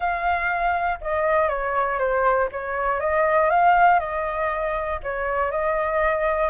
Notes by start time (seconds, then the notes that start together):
0.00 F5
1.01 D#5
1.48 C#5
1.98 C5
2.52 C#5
3.00 D#5
3.50 F5
3.99 D#5
5.03 C#5
5.51 D#5